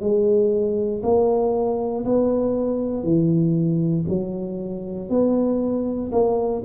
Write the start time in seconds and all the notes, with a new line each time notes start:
0.00 G#3
1.03 A#3
2.05 B3
3.03 E3
4.08 F#3
5.09 B3
6.12 A#3